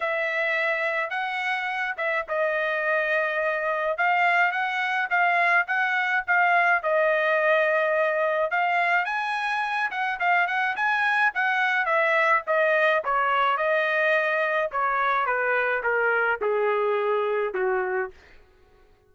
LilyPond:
\new Staff \with { instrumentName = "trumpet" } { \time 4/4 \tempo 4 = 106 e''2 fis''4. e''8 | dis''2. f''4 | fis''4 f''4 fis''4 f''4 | dis''2. f''4 |
gis''4. fis''8 f''8 fis''8 gis''4 | fis''4 e''4 dis''4 cis''4 | dis''2 cis''4 b'4 | ais'4 gis'2 fis'4 | }